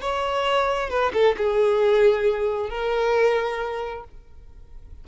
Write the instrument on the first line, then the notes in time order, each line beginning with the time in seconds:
violin
0.00 C#5
0.90 B4
1.13 A4
1.37 G#4
2.69 A#4